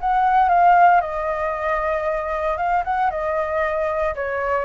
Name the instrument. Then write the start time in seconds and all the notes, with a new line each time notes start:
flute
0.00 F#5
0.48 F5
1.01 D#5
2.57 F5
2.84 F#5
3.10 D#5
4.15 C#5